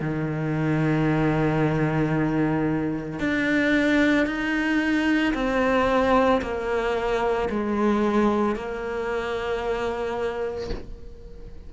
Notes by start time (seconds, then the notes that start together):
0.00 D#3
3.19 D4
4.27 D#4
5.34 C4
6.42 A#3
7.50 G#3
8.56 A#3